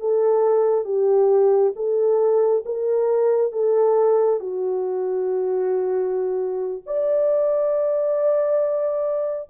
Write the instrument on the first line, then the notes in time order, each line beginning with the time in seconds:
horn
0.00 A4
0.85 G4
1.76 A4
2.66 A#4
3.53 A4
4.40 F#4
6.87 D5